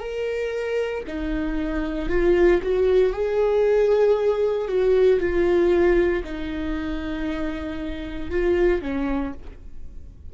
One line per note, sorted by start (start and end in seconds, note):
0.00 1.03 A#4
1.07 2.09 D#4
2.09 2.61 F4
2.63 3.13 F#4
3.13 4.68 G#4
4.68 5.20 F#4
5.20 6.24 F4
6.24 8.30 D#4
8.30 8.82 F4
8.82 9.33 C#4